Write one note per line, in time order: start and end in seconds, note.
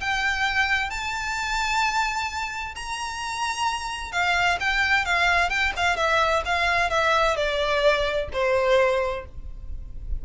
0.00 0.90 G5
0.90 2.74 A5
2.75 4.12 A#5
4.12 4.58 F5
4.60 5.05 G5
5.05 5.49 F5
5.49 5.72 G5
5.76 5.96 F5
5.96 6.42 E5
6.45 6.90 F5
6.90 7.36 E5
7.36 8.28 D5
8.32 9.25 C5